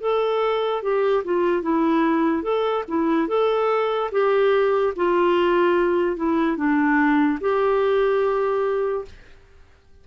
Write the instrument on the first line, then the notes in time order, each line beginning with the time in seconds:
clarinet
0.00 A4
0.82 G4
1.24 F4
1.62 E4
2.42 A4
2.88 E4
3.28 A4
4.11 G4
4.96 F4
6.16 E4
6.56 D4
7.40 G4